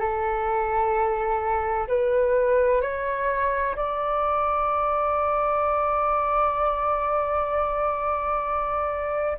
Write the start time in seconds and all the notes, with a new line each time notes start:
0.00 A4
1.88 B4
2.82 C#5
3.76 D5